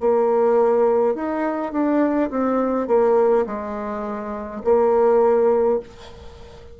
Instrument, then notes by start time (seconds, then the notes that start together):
bassoon
0.00 A#3
1.15 D#4
1.72 D4
2.30 C4
2.87 A#3
3.46 G#3
4.64 A#3